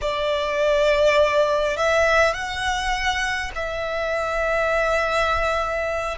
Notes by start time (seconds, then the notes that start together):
0.01 D5
1.76 E5
2.33 F#5
3.55 E5